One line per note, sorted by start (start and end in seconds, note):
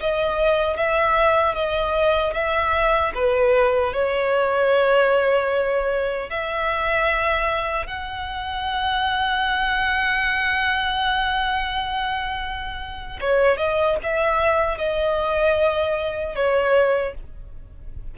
0.00 0.76 D#5
0.76 1.54 E5
1.54 2.34 D#5
2.34 3.13 E5
3.15 3.93 B4
3.93 6.30 C#5
6.30 7.86 E5
7.86 13.19 F#5
13.21 13.58 C#5
13.58 13.97 D#5
14.03 14.78 E5
14.78 16.35 D#5
16.35 17.14 C#5